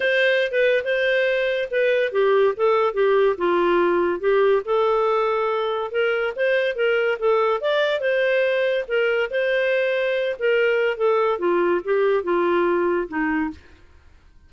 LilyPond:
\new Staff \with { instrumentName = "clarinet" } { \time 4/4 \tempo 4 = 142 c''4~ c''16 b'8. c''2 | b'4 g'4 a'4 g'4 | f'2 g'4 a'4~ | a'2 ais'4 c''4 |
ais'4 a'4 d''4 c''4~ | c''4 ais'4 c''2~ | c''8 ais'4. a'4 f'4 | g'4 f'2 dis'4 | }